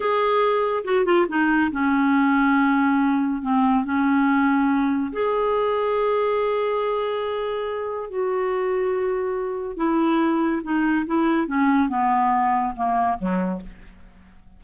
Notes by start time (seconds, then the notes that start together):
0.00 G#4
0.84 F#4
1.05 F4
1.28 D#4
1.71 C#4
3.42 C4
3.84 C#4
5.12 G#4
8.09 F#4
9.76 E4
10.63 D#4
11.06 E4
11.47 C#4
11.88 B3
12.75 A#3
13.18 F#3